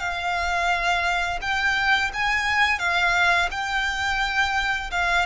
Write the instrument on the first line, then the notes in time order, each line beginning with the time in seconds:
violin
0.00 F5
1.41 G5
2.14 G#5
2.79 F5
3.51 G5
4.91 F5